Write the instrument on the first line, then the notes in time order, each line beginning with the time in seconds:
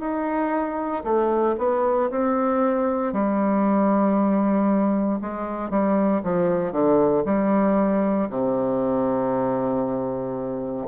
bassoon
0.00 D#4
1.04 A3
1.58 B3
2.11 C4
3.13 G3
5.21 G#3
5.70 G3
6.24 F3
6.72 D3
7.26 G3
8.30 C3